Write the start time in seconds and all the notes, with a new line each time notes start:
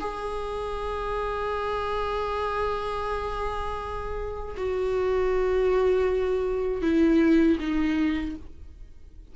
0.00 G#4
4.57 F#4
6.83 E4
7.60 D#4